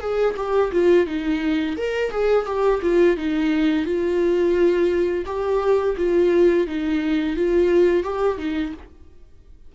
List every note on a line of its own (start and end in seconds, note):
0.00 0.35 G#4
0.37 0.72 G4
0.72 1.07 F4
1.07 1.76 D#4
1.77 2.11 A#4
2.11 2.46 G#4
2.46 2.81 G4
2.82 3.17 F4
3.17 3.85 D#4
3.85 5.25 F4
5.26 5.96 G4
5.97 6.67 F4
6.67 7.36 D#4
7.36 8.03 F4
8.03 8.38 G4
8.38 8.73 D#4